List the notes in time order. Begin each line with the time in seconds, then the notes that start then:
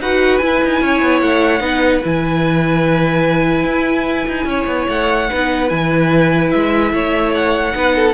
0.00 D#4 F#4 B4 F#5
0.38 E4 G#5
0.64 D#4
0.81 C#4 C#5
1.02 B3
1.21 A3 F#5
1.60 B3 D#4 B4
2.02 E3 E4 G#5
3.64 E4
4.28 D#4
4.45 C#4 C#5
4.67 B3
4.88 A3 F#5
5.30 B3 D#4 B4
5.69 E3 E4 G#5
6.51 G#3 E5
6.92 A3 C#5
7.35 F#5
7.72 B3 D#4 B4
7.95 A4